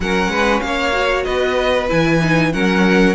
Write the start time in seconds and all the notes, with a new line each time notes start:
0.00 F#3 C#4 A#4 F#5
0.28 G#3 B4
0.60 A#3 F5
0.66 C#5
0.92 F#4
1.24 B3 B4 D#5
1.88 E3 E4 G#5
2.21 D#4
2.52 F#3 C#4 A#4 F#5